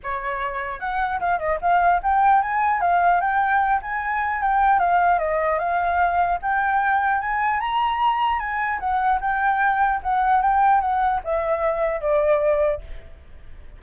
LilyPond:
\new Staff \with { instrumentName = "flute" } { \time 4/4 \tempo 4 = 150 cis''2 fis''4 f''8 dis''8 | f''4 g''4 gis''4 f''4 | g''4. gis''4. g''4 | f''4 dis''4 f''2 |
g''2 gis''4 ais''4~ | ais''4 gis''4 fis''4 g''4~ | g''4 fis''4 g''4 fis''4 | e''2 d''2 | }